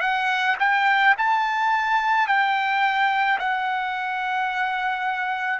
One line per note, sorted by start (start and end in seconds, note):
0.00 0.56 F#5
0.59 1.15 G5
1.17 2.27 A5
2.27 3.38 G5
3.38 5.59 F#5